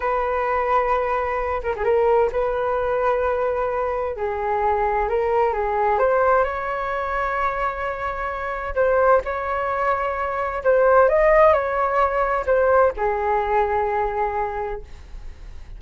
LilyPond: \new Staff \with { instrumentName = "flute" } { \time 4/4 \tempo 4 = 130 b'2.~ b'8 ais'16 gis'16 | ais'4 b'2.~ | b'4 gis'2 ais'4 | gis'4 c''4 cis''2~ |
cis''2. c''4 | cis''2. c''4 | dis''4 cis''2 c''4 | gis'1 | }